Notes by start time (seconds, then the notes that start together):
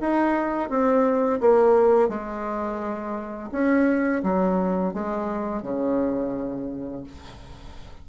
0.00 D#4
0.69 C4
1.40 A#3
2.08 G#3
3.52 C#4
4.23 F#3
4.93 G#3
5.62 C#3